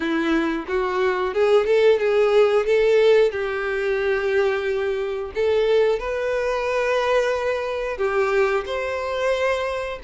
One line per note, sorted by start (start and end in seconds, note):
0.00 0.65 E4
0.67 1.33 F#4
1.33 1.65 G#4
1.65 1.99 A4
1.99 2.65 G#4
2.65 3.31 A4
3.31 5.31 G4
5.35 5.99 A4
5.99 7.97 B4
7.97 8.64 G4
8.65 9.99 C5